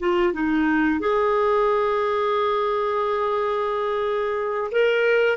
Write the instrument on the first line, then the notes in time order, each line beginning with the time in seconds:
clarinet
0.00 F4
0.33 D#4
1.00 G#4
4.72 A#4